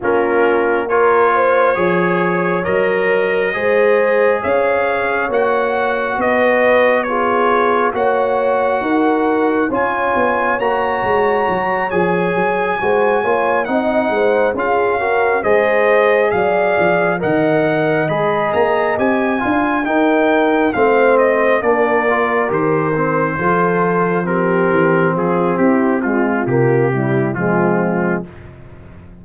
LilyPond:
<<
  \new Staff \with { instrumentName = "trumpet" } { \time 4/4 \tempo 4 = 68 ais'4 cis''2 dis''4~ | dis''4 f''4 fis''4 dis''4 | cis''4 fis''2 gis''4 | ais''4. gis''2 fis''8~ |
fis''8 f''4 dis''4 f''4 fis''8~ | fis''8 b''8 ais''8 gis''4 g''4 f''8 | dis''8 d''4 c''2 ais'8~ | ais'8 gis'8 g'8 f'8 g'4 f'4 | }
  \new Staff \with { instrumentName = "horn" } { \time 4/4 f'4 ais'8 c''8 cis''2 | c''4 cis''2 b'4 | gis'4 cis''4 ais'4 cis''4~ | cis''2~ cis''8 c''8 cis''8 dis''8 |
c''8 gis'8 ais'8 c''4 d''4 dis''8~ | dis''2 f''8 ais'4 c''8~ | c''8 ais'2 a'4 g'8~ | g'8 f'8 e'8 f'4 e'8 c'4 | }
  \new Staff \with { instrumentName = "trombone" } { \time 4/4 cis'4 f'4 gis'4 ais'4 | gis'2 fis'2 | f'4 fis'2 f'4 | fis'4. gis'4 fis'8 f'8 dis'8~ |
dis'8 f'8 fis'8 gis'2 ais'8~ | ais'8 gis'4 g'8 f'8 dis'4 c'8~ | c'8 d'8 f'8 g'8 c'8 f'4 c'8~ | c'4. gis8 ais8 g8 gis4 | }
  \new Staff \with { instrumentName = "tuba" } { \time 4/4 ais2 f4 fis4 | gis4 cis'4 ais4 b4~ | b4 ais4 dis'4 cis'8 b8 | ais8 gis8 fis8 f8 fis8 gis8 ais8 c'8 |
gis8 cis'4 gis4 fis8 f8 dis8~ | dis8 gis8 ais8 c'8 d'8 dis'4 a8~ | a8 ais4 dis4 f4. | e8 f8 c'4 c4 f4 | }
>>